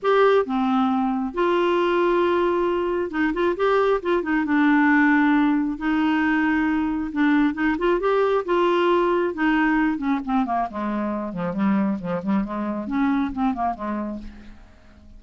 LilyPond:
\new Staff \with { instrumentName = "clarinet" } { \time 4/4 \tempo 4 = 135 g'4 c'2 f'4~ | f'2. dis'8 f'8 | g'4 f'8 dis'8 d'2~ | d'4 dis'2. |
d'4 dis'8 f'8 g'4 f'4~ | f'4 dis'4. cis'8 c'8 ais8 | gis4. f8 g4 f8 g8 | gis4 cis'4 c'8 ais8 gis4 | }